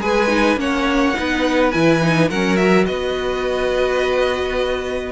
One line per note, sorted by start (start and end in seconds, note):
0.00 0.56 G#3
0.00 0.27 G#4
0.00 0.59 B4
0.00 0.58 G#5
0.27 0.56 D#4
0.56 1.13 A#3
0.56 1.13 C#4
0.56 1.17 C#5
0.56 1.71 F#5
1.15 1.74 B3
1.15 1.72 D#4
1.15 2.29 B4
1.71 2.30 E3
1.71 2.01 E4
1.71 2.28 G#5
2.01 2.30 D#4
2.29 2.88 F#3
2.29 2.58 C#4
2.29 2.86 A#4
2.29 2.56 F#5
2.56 5.12 F#4
2.56 2.84 E5
2.85 5.12 B3
2.85 5.12 B4
2.85 5.12 D#5